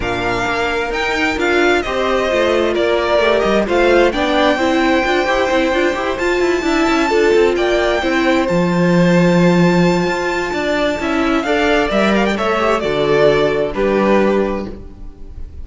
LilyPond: <<
  \new Staff \with { instrumentName = "violin" } { \time 4/4 \tempo 4 = 131 f''2 g''4 f''4 | dis''2 d''4. dis''8 | f''4 g''2.~ | g''4. a''2~ a''8~ |
a''8 g''2 a''4.~ | a''1~ | a''4 f''4 e''8 f''16 g''16 e''4 | d''2 b'2 | }
  \new Staff \with { instrumentName = "violin" } { \time 4/4 ais'1 | c''2 ais'2 | c''4 d''4 c''2~ | c''2~ c''8 e''4 a'8~ |
a'8 d''4 c''2~ c''8~ | c''2. d''4 | e''4 d''2 cis''4 | a'2 g'2 | }
  \new Staff \with { instrumentName = "viola" } { \time 4/4 d'2 dis'4 f'4 | g'4 f'2 g'4 | f'4 d'4 e'4 f'8 g'8 | e'8 f'8 g'8 f'4 e'4 f'8~ |
f'4. e'4 f'4.~ | f'1 | e'4 a'4 ais'4 a'8 g'8 | fis'2 d'2 | }
  \new Staff \with { instrumentName = "cello" } { \time 4/4 ais,4 ais4 dis'4 d'4 | c'4 a4 ais4 a8 g8 | a4 b4 c'4 d'8 e'8 | c'8 d'8 e'8 f'8 e'8 d'8 cis'8 d'8 |
c'8 ais4 c'4 f4.~ | f2 f'4 d'4 | cis'4 d'4 g4 a4 | d2 g2 | }
>>